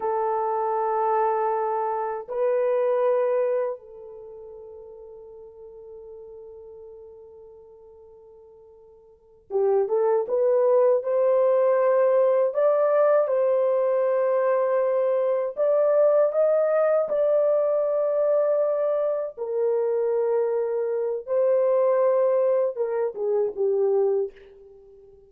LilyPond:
\new Staff \with { instrumentName = "horn" } { \time 4/4 \tempo 4 = 79 a'2. b'4~ | b'4 a'2.~ | a'1~ | a'8 g'8 a'8 b'4 c''4.~ |
c''8 d''4 c''2~ c''8~ | c''8 d''4 dis''4 d''4.~ | d''4. ais'2~ ais'8 | c''2 ais'8 gis'8 g'4 | }